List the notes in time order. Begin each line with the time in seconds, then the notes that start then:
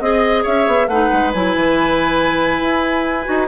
0.00 C4 G#4 D#5
0.43 C#4 C#5 E5
0.67 B3
0.87 A3 D#4 B4 F#5
1.12 G#3
1.33 F#3 E4 G#5
1.55 E3
2.61 E4
3.25 D#4 F#4